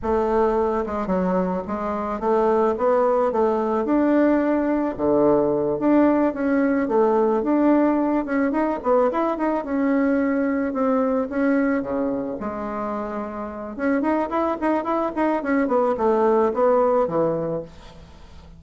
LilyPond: \new Staff \with { instrumentName = "bassoon" } { \time 4/4 \tempo 4 = 109 a4. gis8 fis4 gis4 | a4 b4 a4 d'4~ | d'4 d4. d'4 cis'8~ | cis'8 a4 d'4. cis'8 dis'8 |
b8 e'8 dis'8 cis'2 c'8~ | c'8 cis'4 cis4 gis4.~ | gis4 cis'8 dis'8 e'8 dis'8 e'8 dis'8 | cis'8 b8 a4 b4 e4 | }